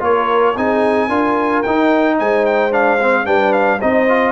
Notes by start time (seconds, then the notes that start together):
0.00 A#3 F4 A#4 C#5
0.57 C4 D#4 G#4 G#5
1.08 D4 F4 A#4
1.63 D#4 G5
2.19 G#3 C5 G#5
2.46 G5
2.72 D4 F5
3.01 C4
3.25 G3 D4 B4 G5
3.53 F5
3.78 C4 D#4 C5 D#5
4.09 F4